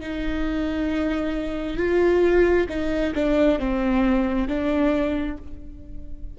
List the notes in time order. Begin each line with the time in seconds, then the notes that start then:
0.00 D#4
1.77 F4
2.69 D#4
3.15 D4
3.59 C4
4.47 D4